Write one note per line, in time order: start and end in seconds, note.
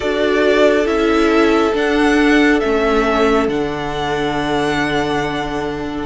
0.00 0.86 D4
0.00 0.84 F#4
0.00 6.06 A4
0.00 0.87 D5
0.85 1.73 C#4
0.85 1.72 E4
0.85 1.74 E5
1.74 2.61 D4
1.74 2.60 F#5
2.60 3.48 A3
2.60 3.49 C#4
2.60 3.47 E5
3.48 6.06 D3
3.48 6.06 D4
3.48 6.06 F#5